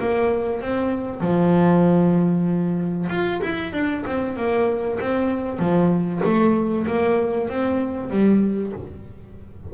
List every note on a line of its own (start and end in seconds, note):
0.00 0.61 A#3
0.61 1.21 C4
1.21 3.08 F3
3.10 3.41 F4
3.43 3.73 E4
3.73 4.05 D4
4.07 4.37 C4
4.37 4.99 A#3
5.01 5.59 C4
5.59 6.22 F3
6.25 6.87 A3
6.87 7.49 A#3
7.49 8.11 C4
8.11 8.73 G3